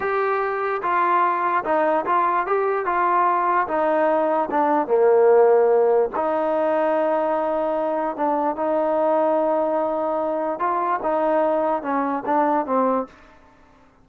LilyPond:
\new Staff \with { instrumentName = "trombone" } { \time 4/4 \tempo 4 = 147 g'2 f'2 | dis'4 f'4 g'4 f'4~ | f'4 dis'2 d'4 | ais2. dis'4~ |
dis'1 | d'4 dis'2.~ | dis'2 f'4 dis'4~ | dis'4 cis'4 d'4 c'4 | }